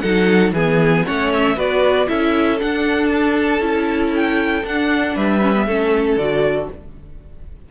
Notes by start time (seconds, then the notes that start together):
0.00 F#3 D#4 A4 F#5
0.52 E3 B3 G#4 G#5
1.05 A3 C#4 C#5 F#5
1.33 E5
1.56 B3 F#4 B4 D5
2.07 C#4 E4 A4 E5
2.60 D4 F#5
3.06 A5
3.60 C#4 E4
4.15 G5
4.64 D4 F#5
5.15 G3 B4 E5
5.41 C#4
5.55 B3
5.67 A3 C#4 A4
6.17 D3 F#4 D5